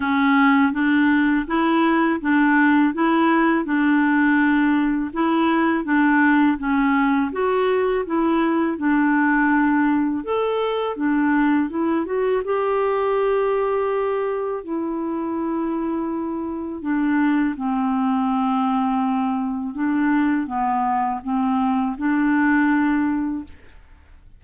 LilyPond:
\new Staff \with { instrumentName = "clarinet" } { \time 4/4 \tempo 4 = 82 cis'4 d'4 e'4 d'4 | e'4 d'2 e'4 | d'4 cis'4 fis'4 e'4 | d'2 a'4 d'4 |
e'8 fis'8 g'2. | e'2. d'4 | c'2. d'4 | b4 c'4 d'2 | }